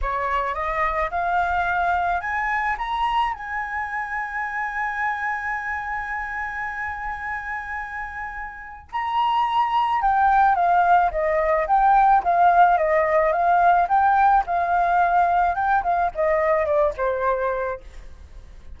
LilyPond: \new Staff \with { instrumentName = "flute" } { \time 4/4 \tempo 4 = 108 cis''4 dis''4 f''2 | gis''4 ais''4 gis''2~ | gis''1~ | gis''1 |
ais''2 g''4 f''4 | dis''4 g''4 f''4 dis''4 | f''4 g''4 f''2 | g''8 f''8 dis''4 d''8 c''4. | }